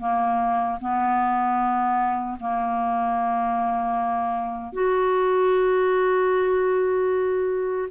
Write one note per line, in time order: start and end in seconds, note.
0.00 0.79 A#3
0.81 2.39 B3
2.40 4.73 A#3
4.73 7.89 F#4